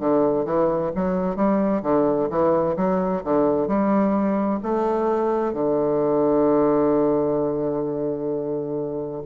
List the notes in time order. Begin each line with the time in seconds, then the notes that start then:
0.00 D3
0.46 E3
0.96 F#3
1.36 G3
1.83 D3
2.30 E3
2.77 F#3
3.24 D3
3.68 G3
4.63 A3
5.54 D3